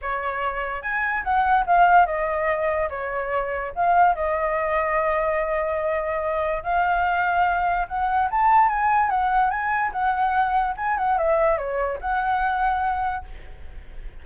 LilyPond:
\new Staff \with { instrumentName = "flute" } { \time 4/4 \tempo 4 = 145 cis''2 gis''4 fis''4 | f''4 dis''2 cis''4~ | cis''4 f''4 dis''2~ | dis''1 |
f''2. fis''4 | a''4 gis''4 fis''4 gis''4 | fis''2 gis''8 fis''8 e''4 | cis''4 fis''2. | }